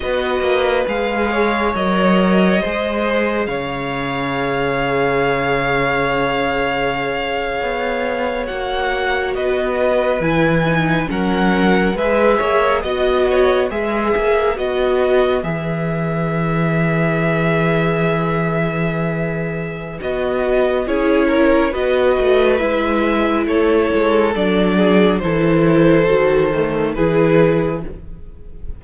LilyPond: <<
  \new Staff \with { instrumentName = "violin" } { \time 4/4 \tempo 4 = 69 dis''4 f''4 dis''2 | f''1~ | f''4.~ f''16 fis''4 dis''4 gis''16~ | gis''8. fis''4 e''4 dis''4 e''16~ |
e''8. dis''4 e''2~ e''16~ | e''2. dis''4 | cis''4 dis''4 e''4 cis''4 | d''4 c''2 b'4 | }
  \new Staff \with { instrumentName = "violin" } { \time 4/4 b'4. cis''4. c''4 | cis''1~ | cis''2~ cis''8. b'4~ b'16~ | b'8. ais'4 b'8 cis''8 dis''8 cis''8 b'16~ |
b'1~ | b'1 | gis'8 ais'8 b'2 a'4~ | a'8 gis'8 a'2 gis'4 | }
  \new Staff \with { instrumentName = "viola" } { \time 4/4 fis'4 gis'4 ais'4 gis'4~ | gis'1~ | gis'4.~ gis'16 fis'2 e'16~ | e'16 dis'8 cis'4 gis'4 fis'4 gis'16~ |
gis'8. fis'4 gis'2~ gis'16~ | gis'2. fis'4 | e'4 fis'4 e'2 | d'4 e'4 fis'8 a8 e'4 | }
  \new Staff \with { instrumentName = "cello" } { \time 4/4 b8 ais8 gis4 fis4 gis4 | cis1~ | cis8. b4 ais4 b4 e16~ | e8. fis4 gis8 ais8 b4 gis16~ |
gis16 ais8 b4 e2~ e16~ | e2. b4 | cis'4 b8 a8 gis4 a8 gis8 | fis4 e4 dis4 e4 | }
>>